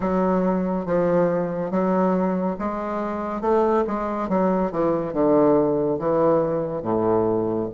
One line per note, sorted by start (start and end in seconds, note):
0.00 0.85 F#3
0.85 1.70 F3
1.70 2.56 F#3
2.58 3.41 G#3
3.41 3.84 A3
3.87 4.28 G#3
4.28 4.71 F#3
4.71 5.13 E3
5.13 5.98 D3
5.98 6.82 E3
6.82 7.68 A2